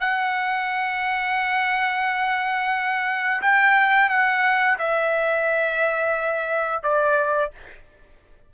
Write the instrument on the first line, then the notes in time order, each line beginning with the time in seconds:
trumpet
0.00 F#5
3.42 G5
4.09 F#5
4.78 E5
6.83 D5